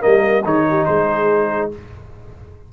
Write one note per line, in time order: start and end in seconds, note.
0.00 0.44 G3
0.00 0.42 A#3
0.00 0.43 A#4
0.00 0.44 D#5
0.44 0.86 D#3
0.44 1.71 D#4
0.44 0.65 G#4
0.44 0.85 C#5
0.69 0.87 G4
0.85 1.72 G#3
0.85 1.71 G#4
0.85 1.70 C5